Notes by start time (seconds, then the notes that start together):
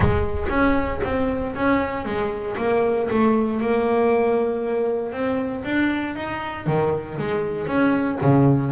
0.00 G#3
0.49 C#4
1.03 C4
1.55 C#4
2.05 G#3
2.57 A#3
3.10 A3
3.60 A#3
5.12 C4
5.64 D4
6.15 D#4
6.66 D#3
7.18 G#3
7.66 C#4
8.21 C#3